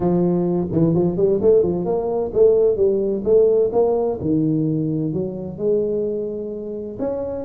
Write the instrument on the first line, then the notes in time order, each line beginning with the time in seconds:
tuba
0.00 F3
0.71 E3
0.94 F3
1.16 G3
1.41 A3
1.63 F3
1.85 A#3
2.33 A3
2.76 G3
3.24 A3
3.72 A#3
4.21 D#3
5.13 F#3
5.58 G#3
6.99 C#4